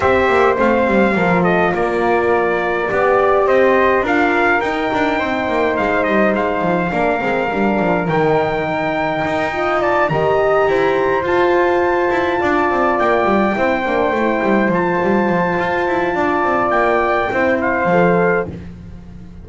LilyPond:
<<
  \new Staff \with { instrumentName = "trumpet" } { \time 4/4 \tempo 4 = 104 e''4 f''4. dis''8 d''4~ | d''2 dis''4 f''4 | g''2 f''8 dis''8 f''4~ | f''2 g''2~ |
g''4 a''8 ais''2 a''8~ | a''2~ a''8 g''4.~ | g''4. a''2~ a''8~ | a''4 g''4. f''4. | }
  \new Staff \with { instrumentName = "flute" } { \time 4/4 c''2 ais'8 a'8 ais'4~ | ais'4 d''4 c''4 ais'4~ | ais'4 c''2. | ais'1~ |
ais'8 dis''8 d''8 dis''4 c''4.~ | c''4. d''2 c''8~ | c''1 | d''2 c''2 | }
  \new Staff \with { instrumentName = "horn" } { \time 4/4 g'4 c'4 f'2~ | f'4 g'2 f'4 | dis'1 | d'8 c'8 d'4 dis'2~ |
dis'8 f'4 g'2 f'8~ | f'2.~ f'8 e'8 | d'8 e'4 f'2~ f'8~ | f'2 e'4 a'4 | }
  \new Staff \with { instrumentName = "double bass" } { \time 4/4 c'8 ais8 a8 g8 f4 ais4~ | ais4 b4 c'4 d'4 | dis'8 d'8 c'8 ais8 gis8 g8 gis8 f8 | ais8 gis8 g8 f8 dis2 |
dis'4. dis4 e'4 f'8~ | f'4 e'8 d'8 c'8 ais8 g8 c'8 | ais8 a8 g8 f8 g8 f8 f'8 e'8 | d'8 c'8 ais4 c'4 f4 | }
>>